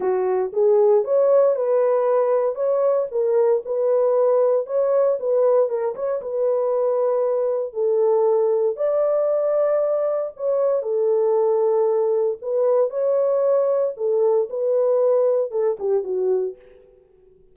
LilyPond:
\new Staff \with { instrumentName = "horn" } { \time 4/4 \tempo 4 = 116 fis'4 gis'4 cis''4 b'4~ | b'4 cis''4 ais'4 b'4~ | b'4 cis''4 b'4 ais'8 cis''8 | b'2. a'4~ |
a'4 d''2. | cis''4 a'2. | b'4 cis''2 a'4 | b'2 a'8 g'8 fis'4 | }